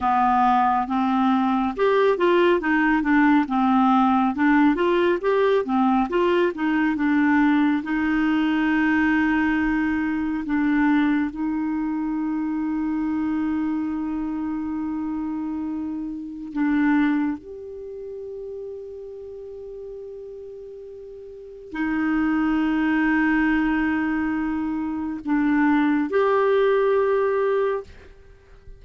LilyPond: \new Staff \with { instrumentName = "clarinet" } { \time 4/4 \tempo 4 = 69 b4 c'4 g'8 f'8 dis'8 d'8 | c'4 d'8 f'8 g'8 c'8 f'8 dis'8 | d'4 dis'2. | d'4 dis'2.~ |
dis'2. d'4 | g'1~ | g'4 dis'2.~ | dis'4 d'4 g'2 | }